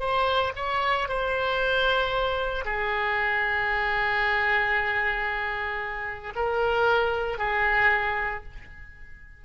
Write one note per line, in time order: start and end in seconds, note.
0.00 0.53 C5
0.56 1.09 C#5
1.09 2.65 C5
2.65 6.33 G#4
6.35 7.38 A#4
7.38 8.44 G#4